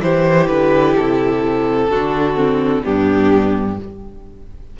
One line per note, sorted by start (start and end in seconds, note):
0.00 0.48 E3
0.00 1.88 E4
0.00 1.89 G4
0.00 0.46 C5
0.46 0.95 D3
0.46 0.93 B4
0.96 1.89 C3
0.96 2.83 A4
1.89 2.83 D3
1.89 2.35 D4
1.89 2.82 F#4
2.35 2.81 C4
2.82 3.79 G2
2.82 3.77 B3
2.82 3.76 D4
2.82 3.77 G4